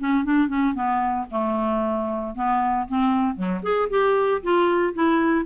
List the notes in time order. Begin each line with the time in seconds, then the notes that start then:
0.00 C#4
0.25 D4
0.49 C#4
0.75 B3
1.31 A3
2.36 B3
2.89 C4
3.36 F#3
3.63 G#4
3.90 G4
4.43 F4
4.94 E4